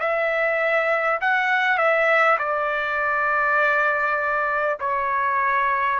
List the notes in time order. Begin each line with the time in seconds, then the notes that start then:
0.00 E5
1.21 F#5
1.78 E5
2.38 D5
4.79 C#5